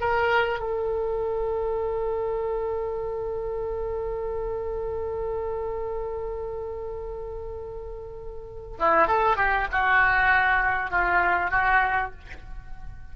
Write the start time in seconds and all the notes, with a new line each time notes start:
0.00 A#4
0.59 A4
8.79 E4
9.07 A4
9.36 G4
9.71 F#4
10.90 F4
11.50 F#4